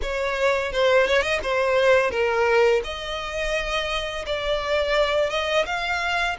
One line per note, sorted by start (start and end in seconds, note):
0.02 0.72 C#5
0.72 1.07 C5
1.07 1.22 C#5
1.22 1.39 D#5
1.42 2.10 C5
2.10 2.81 A#4
2.84 4.25 D#5
4.25 5.29 D5
5.29 5.65 D#5
5.65 6.36 F5